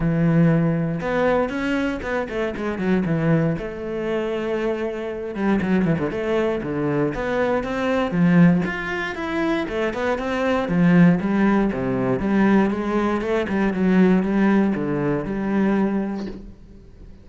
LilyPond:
\new Staff \with { instrumentName = "cello" } { \time 4/4 \tempo 4 = 118 e2 b4 cis'4 | b8 a8 gis8 fis8 e4 a4~ | a2~ a8 g8 fis8 e16 d16 | a4 d4 b4 c'4 |
f4 f'4 e'4 a8 b8 | c'4 f4 g4 c4 | g4 gis4 a8 g8 fis4 | g4 d4 g2 | }